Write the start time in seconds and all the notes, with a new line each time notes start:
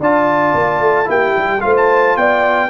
0.00 D4 F4 D5 A5
0.54 A#3
0.80 A3
1.05 A#3 E4 G4 G5
1.36 G3
1.60 A3 F4 C5 F5
1.77 A5
2.16 B3 D5 G5